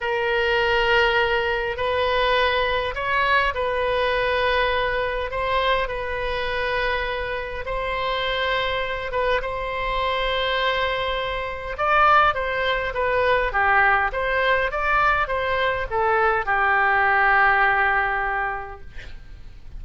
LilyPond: \new Staff \with { instrumentName = "oboe" } { \time 4/4 \tempo 4 = 102 ais'2. b'4~ | b'4 cis''4 b'2~ | b'4 c''4 b'2~ | b'4 c''2~ c''8 b'8 |
c''1 | d''4 c''4 b'4 g'4 | c''4 d''4 c''4 a'4 | g'1 | }